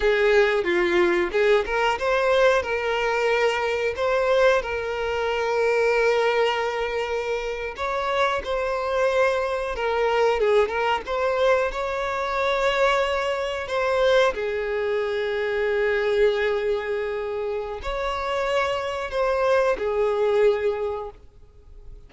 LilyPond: \new Staff \with { instrumentName = "violin" } { \time 4/4 \tempo 4 = 91 gis'4 f'4 gis'8 ais'8 c''4 | ais'2 c''4 ais'4~ | ais'2.~ ais'8. cis''16~ | cis''8. c''2 ais'4 gis'16~ |
gis'16 ais'8 c''4 cis''2~ cis''16~ | cis''8. c''4 gis'2~ gis'16~ | gis'2. cis''4~ | cis''4 c''4 gis'2 | }